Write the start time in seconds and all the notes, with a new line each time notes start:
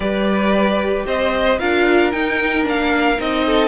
0.00 G3 G4 B4 D5
1.06 C4 C5 D#5
1.59 D4 F4 A#4 F5
2.11 D#4 G5
2.63 A#3 D4 F5
3.17 C4 D#4 D#5
3.46 A4